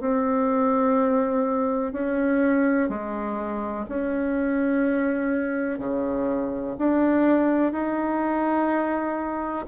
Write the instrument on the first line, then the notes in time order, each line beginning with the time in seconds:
bassoon
0.00 C4
1.92 C#4
2.89 G#3
3.88 C#4
5.79 C#3
6.78 D4
7.72 D#4